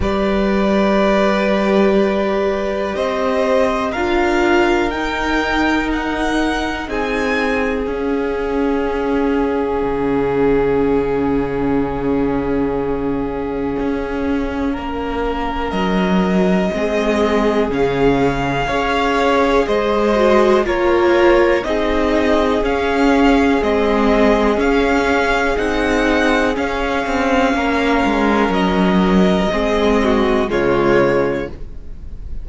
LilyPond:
<<
  \new Staff \with { instrumentName = "violin" } { \time 4/4 \tempo 4 = 61 d''2. dis''4 | f''4 g''4 fis''4 gis''4 | f''1~ | f''1 |
dis''2 f''2 | dis''4 cis''4 dis''4 f''4 | dis''4 f''4 fis''4 f''4~ | f''4 dis''2 cis''4 | }
  \new Staff \with { instrumentName = "violin" } { \time 4/4 b'2. c''4 | ais'2. gis'4~ | gis'1~ | gis'2. ais'4~ |
ais'4 gis'2 cis''4 | c''4 ais'4 gis'2~ | gis'1 | ais'2 gis'8 fis'8 f'4 | }
  \new Staff \with { instrumentName = "viola" } { \time 4/4 g'1 | f'4 dis'2. | cis'1~ | cis'1~ |
cis'4 c'4 cis'4 gis'4~ | gis'8 fis'8 f'4 dis'4 cis'4 | c'4 cis'4 dis'4 cis'4~ | cis'2 c'4 gis4 | }
  \new Staff \with { instrumentName = "cello" } { \time 4/4 g2. c'4 | d'4 dis'2 c'4 | cis'2 cis2~ | cis2 cis'4 ais4 |
fis4 gis4 cis4 cis'4 | gis4 ais4 c'4 cis'4 | gis4 cis'4 c'4 cis'8 c'8 | ais8 gis8 fis4 gis4 cis4 | }
>>